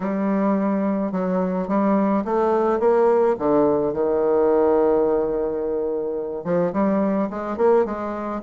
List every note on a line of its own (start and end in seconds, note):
0.00 1.12 G3
1.12 1.67 F#3
1.67 2.24 G3
2.25 2.79 A3
2.79 3.35 A#3
3.38 3.93 D3
3.93 6.44 D#3
6.44 6.72 F3
6.73 7.29 G3
7.29 7.57 G#3
7.57 7.85 A#3
7.85 8.41 G#3